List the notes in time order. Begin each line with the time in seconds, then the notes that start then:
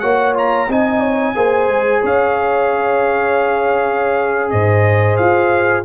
0.00 A#3 F#4 C#5 F#5
0.34 F4 A#5
0.68 C4 D#4 D#5 G#5
1.00 C#5
1.35 A#3 G#4 C5
1.69 G#3
2.01 C#4 C#5 F5
4.50 G#2 C5 D#5
5.17 F4 F5